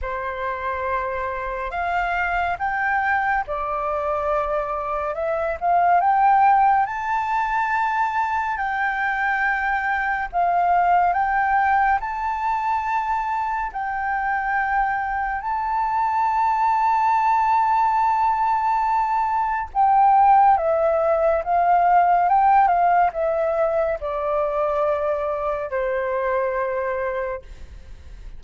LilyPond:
\new Staff \with { instrumentName = "flute" } { \time 4/4 \tempo 4 = 70 c''2 f''4 g''4 | d''2 e''8 f''8 g''4 | a''2 g''2 | f''4 g''4 a''2 |
g''2 a''2~ | a''2. g''4 | e''4 f''4 g''8 f''8 e''4 | d''2 c''2 | }